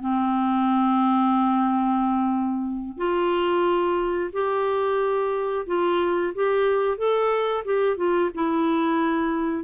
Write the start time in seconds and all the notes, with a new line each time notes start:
0.00 C4
2.97 F4
4.33 G4
5.67 F4
6.35 G4
6.98 A4
7.65 G4
7.97 F4
8.34 E4